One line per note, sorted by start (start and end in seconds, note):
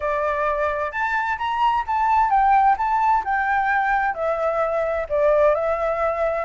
0.00 0.91 D5
0.91 1.37 A5
1.38 1.84 A#5
1.87 2.30 A5
2.30 2.76 G5
2.77 3.23 A5
3.24 4.14 G5
4.14 5.06 E5
5.09 5.54 D5
5.54 6.44 E5